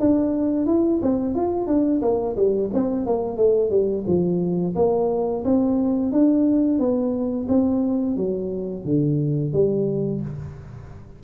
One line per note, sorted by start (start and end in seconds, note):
0.00 0.67 D4
0.67 1.01 E4
1.03 1.35 C4
1.35 1.67 F4
1.67 2.01 D4
2.02 2.36 A#3
2.36 2.71 G3
2.74 3.06 C4
3.06 3.37 A#3
3.37 3.71 A3
3.71 4.05 G3
4.07 4.75 F3
4.76 5.44 A#3
5.45 6.12 C4
6.12 6.79 D4
6.79 7.47 B3
7.49 8.17 C4
8.17 8.85 F#3
8.85 9.53 D3
9.53 10.21 G3